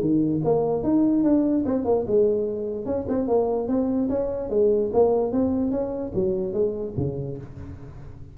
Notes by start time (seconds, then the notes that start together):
0.00 D#3
0.44 A#3
0.83 D#4
1.23 D4
1.65 C4
1.85 A#3
2.07 G#3
2.86 C#4
3.08 C4
3.28 A#3
3.68 C4
4.09 C#4
4.50 G#3
4.93 A#3
5.32 C4
5.71 C#4
6.14 F#3
6.53 G#3
6.96 C#3